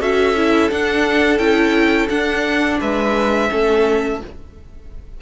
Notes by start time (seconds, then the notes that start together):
0.00 C#4 F#4 A4 E5
0.36 E4
0.71 D4 F#5
1.38 C#4 E4 G5
2.10 D4 F#5
2.80 G#3 B4 E5
3.50 A3 C#4 A4